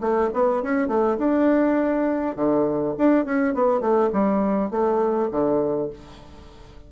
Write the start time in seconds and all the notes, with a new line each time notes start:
0.00 A3
0.33 B3
0.62 C#4
0.87 A3
1.18 D4
2.35 D3
2.97 D4
3.25 C#4
3.54 B3
3.80 A3
4.13 G3
4.70 A3
5.30 D3